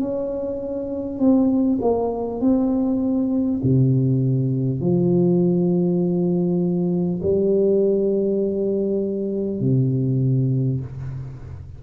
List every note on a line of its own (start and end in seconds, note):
0.00 1.19 C#4
1.19 1.79 C4
1.82 2.41 A#3
2.41 3.61 C4
3.63 4.81 C3
4.81 7.21 F3
7.23 9.61 G3
9.61 10.81 C3